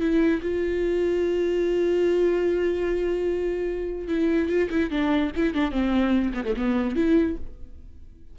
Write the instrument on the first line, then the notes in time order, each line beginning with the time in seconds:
viola
0.00 E4
0.42 F4
4.08 E4
4.49 F4
4.70 E4
4.90 D4
5.36 E4
5.54 D4
5.71 C4
6.34 B3
6.45 A3
6.56 B3
6.96 E4